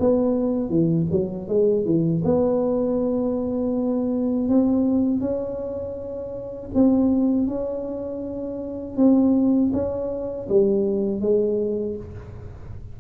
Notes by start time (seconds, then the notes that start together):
0.00 B3
0.70 E3
1.11 F#3
1.49 G#3
1.85 E3
2.24 B3
4.49 C4
5.20 C#4
6.75 C4
7.48 C#4
8.97 C4
9.73 C#4
10.49 G3
11.21 G#3